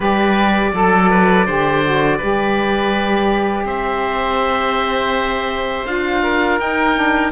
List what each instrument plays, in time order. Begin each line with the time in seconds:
0.00 cello G3, saxophone G4, oboe B4 D5
0.73 cello F#3, saxophone A4, oboe A4
1.10 oboe B4
1.46 cello D3, saxophone G4, oboe C5
1.83 saxophone F#4
2.17 cello G3, saxophone G4, oboe B4
3.64 cello C4, oboe C5 E5
5.85 cello D4, saxophone F4, oboe F5
6.22 oboe A#4
6.58 saxophone D#4, cello D#4, oboe G5
6.95 saxophone D4